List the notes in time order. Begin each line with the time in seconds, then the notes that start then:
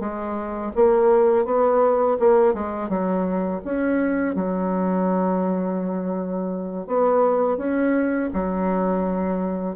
0.00 G#3
0.76 A#3
1.46 B3
2.19 A#3
2.54 G#3
2.89 F#3
3.65 C#4
4.35 F#3
6.87 B3
7.58 C#4
8.34 F#3